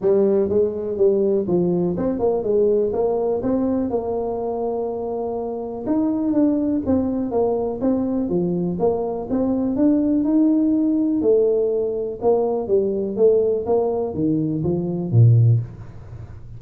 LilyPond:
\new Staff \with { instrumentName = "tuba" } { \time 4/4 \tempo 4 = 123 g4 gis4 g4 f4 | c'8 ais8 gis4 ais4 c'4 | ais1 | dis'4 d'4 c'4 ais4 |
c'4 f4 ais4 c'4 | d'4 dis'2 a4~ | a4 ais4 g4 a4 | ais4 dis4 f4 ais,4 | }